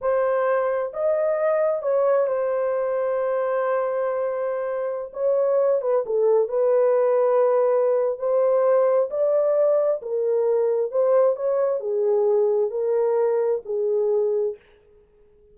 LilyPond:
\new Staff \with { instrumentName = "horn" } { \time 4/4 \tempo 4 = 132 c''2 dis''2 | cis''4 c''2.~ | c''2.~ c''16 cis''8.~ | cis''8. b'8 a'4 b'4.~ b'16~ |
b'2 c''2 | d''2 ais'2 | c''4 cis''4 gis'2 | ais'2 gis'2 | }